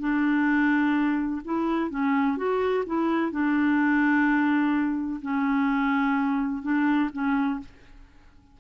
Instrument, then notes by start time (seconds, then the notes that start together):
clarinet
0.00 D4
1.45 E4
1.91 C#4
2.38 F#4
2.86 E4
3.32 D4
5.22 C#4
6.63 D4
7.13 C#4